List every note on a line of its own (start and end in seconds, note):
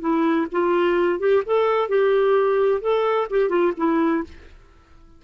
0.00 0.47 E4
0.52 1.19 F4
1.19 1.42 G4
1.45 1.88 A4
1.88 2.81 G4
2.81 3.27 A4
3.30 3.49 G4
3.49 3.72 F4
3.77 4.23 E4